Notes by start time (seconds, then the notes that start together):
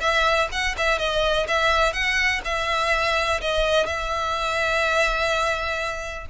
0.00 E5
0.51 F#5
0.77 E5
0.98 D#5
1.47 E5
1.93 F#5
2.44 E5
3.41 D#5
3.86 E5